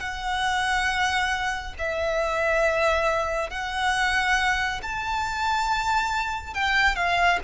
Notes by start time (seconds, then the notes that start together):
0.00 F#5
1.78 E5
3.50 F#5
4.82 A5
6.54 G5
6.96 F5